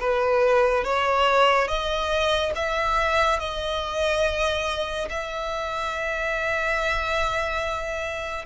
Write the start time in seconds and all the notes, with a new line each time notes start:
0.00 B4
0.85 C#5
1.68 D#5
2.56 E5
3.40 D#5
5.10 E5